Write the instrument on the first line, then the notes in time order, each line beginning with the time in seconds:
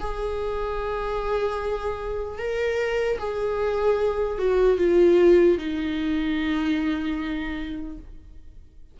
viola
0.00 G#4
2.39 A#4
3.19 G#4
4.39 F#4
4.78 F4
5.58 D#4